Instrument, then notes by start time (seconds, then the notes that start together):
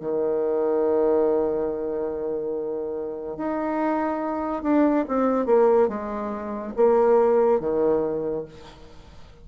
bassoon
0.00 D#3
3.37 D#4
4.62 D4
5.08 C4
5.46 A#3
5.88 G#3
6.76 A#3
7.60 D#3